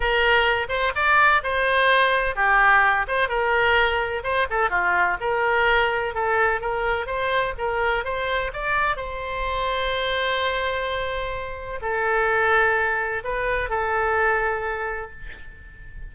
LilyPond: \new Staff \with { instrumentName = "oboe" } { \time 4/4 \tempo 4 = 127 ais'4. c''8 d''4 c''4~ | c''4 g'4. c''8 ais'4~ | ais'4 c''8 a'8 f'4 ais'4~ | ais'4 a'4 ais'4 c''4 |
ais'4 c''4 d''4 c''4~ | c''1~ | c''4 a'2. | b'4 a'2. | }